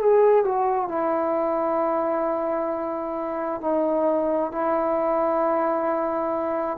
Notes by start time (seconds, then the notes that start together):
0.00 G#4
0.45 F#4
0.89 E4
3.62 D#4
4.52 E4